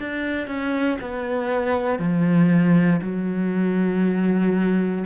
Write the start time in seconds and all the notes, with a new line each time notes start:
0.00 D4
0.48 C#4
1.02 B3
1.99 F3
3.02 F#3